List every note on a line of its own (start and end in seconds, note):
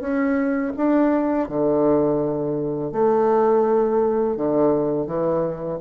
0.00 0.72 C#4
0.77 1.49 D4
1.49 2.92 D3
2.92 4.36 A3
4.36 5.06 D3
5.06 5.79 E3